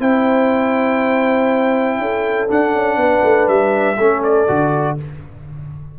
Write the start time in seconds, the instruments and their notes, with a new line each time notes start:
0.00 tuba C4, trombone E4, horn C5, trumpet G5
1.98 tuba C#4, horn A4
2.48 trombone D4, tuba D4, trumpet F#5
2.74 tuba C#4
2.96 tuba B3, horn B4
3.23 tuba A3
3.48 tuba G3, trumpet E5
3.97 tuba A3, trombone C#4, horn A4
4.23 trumpet D5
4.48 tuba D3, trombone F#4